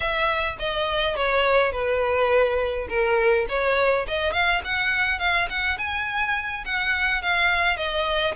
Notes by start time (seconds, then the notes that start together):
0.00 E5
0.59 D#5
1.16 C#5
1.72 B4
2.88 A#4
3.48 C#5
4.07 D#5
4.32 F5
4.64 F#5
5.19 F5
5.49 F#5
5.78 G#5
6.65 F#5
7.22 F5
7.76 D#5